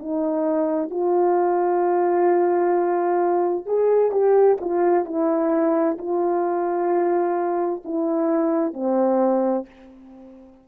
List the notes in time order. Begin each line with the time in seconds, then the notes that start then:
0.00 D#4
0.91 F4
3.66 G#4
4.12 G4
4.61 F4
5.06 E4
5.98 F4
7.85 E4
8.74 C4